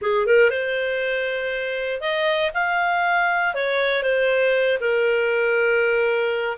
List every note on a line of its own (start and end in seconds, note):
0.01 0.26 G#4
0.26 0.50 A#4
0.50 2.00 C5
2.00 2.51 D#5
2.54 3.54 F5
3.54 4.02 C#5
4.02 4.78 C5
4.80 6.57 A#4